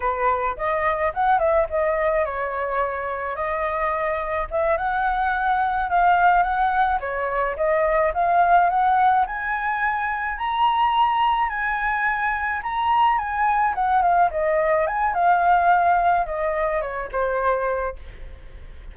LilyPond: \new Staff \with { instrumentName = "flute" } { \time 4/4 \tempo 4 = 107 b'4 dis''4 fis''8 e''8 dis''4 | cis''2 dis''2 | e''8 fis''2 f''4 fis''8~ | fis''8 cis''4 dis''4 f''4 fis''8~ |
fis''8 gis''2 ais''4.~ | ais''8 gis''2 ais''4 gis''8~ | gis''8 fis''8 f''8 dis''4 gis''8 f''4~ | f''4 dis''4 cis''8 c''4. | }